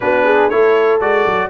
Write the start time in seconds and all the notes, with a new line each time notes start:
0.00 B3 D4 F#4 B4
0.24 G#4
0.48 A3 E4 A4 C#5
1.00 G#3 F#4 D5
1.26 F#3